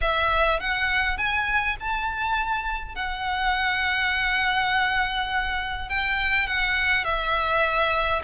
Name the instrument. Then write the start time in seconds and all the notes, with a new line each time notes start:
violin
0.01 E5
0.60 F#5
1.17 G#5
1.80 A5
2.95 F#5
5.89 G5
6.47 F#5
7.04 E5